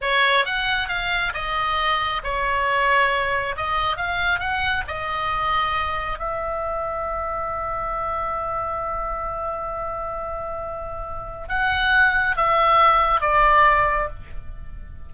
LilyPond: \new Staff \with { instrumentName = "oboe" } { \time 4/4 \tempo 4 = 136 cis''4 fis''4 f''4 dis''4~ | dis''4 cis''2. | dis''4 f''4 fis''4 dis''4~ | dis''2 e''2~ |
e''1~ | e''1~ | e''2 fis''2 | e''2 d''2 | }